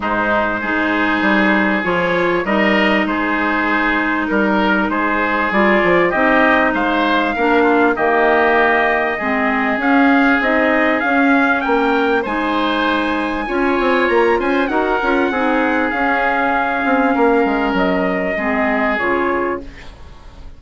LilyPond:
<<
  \new Staff \with { instrumentName = "trumpet" } { \time 4/4 \tempo 4 = 98 c''2. cis''4 | dis''4 c''2 ais'4 | c''4 d''4 dis''4 f''4~ | f''4 dis''2. |
f''4 dis''4 f''4 g''4 | gis''2. ais''8 gis''8 | fis''2 f''2~ | f''4 dis''2 cis''4 | }
  \new Staff \with { instrumentName = "oboe" } { \time 4/4 dis'4 gis'2. | ais'4 gis'2 ais'4 | gis'2 g'4 c''4 | ais'8 f'8 g'2 gis'4~ |
gis'2. ais'4 | c''2 cis''4. c''8 | ais'4 gis'2. | ais'2 gis'2 | }
  \new Staff \with { instrumentName = "clarinet" } { \time 4/4 gis4 dis'2 f'4 | dis'1~ | dis'4 f'4 dis'2 | d'4 ais2 c'4 |
cis'4 dis'4 cis'2 | dis'2 f'2 | fis'8 f'8 dis'4 cis'2~ | cis'2 c'4 f'4 | }
  \new Staff \with { instrumentName = "bassoon" } { \time 4/4 gis,4 gis4 g4 f4 | g4 gis2 g4 | gis4 g8 f8 c'4 gis4 | ais4 dis2 gis4 |
cis'4 c'4 cis'4 ais4 | gis2 cis'8 c'8 ais8 cis'8 | dis'8 cis'8 c'4 cis'4. c'8 | ais8 gis8 fis4 gis4 cis4 | }
>>